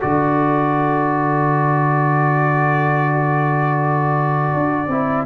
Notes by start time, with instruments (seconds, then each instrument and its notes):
0.00 tuba D3, trombone F#4, horn A4, trumpet D5
4.53 tuba D4
4.87 tuba C4, trombone E4